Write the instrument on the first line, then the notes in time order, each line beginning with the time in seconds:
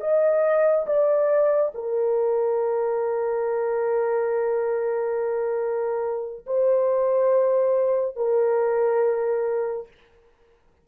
horn
0.00 D#5
0.86 D5
1.74 A#4
6.46 C5
8.15 A#4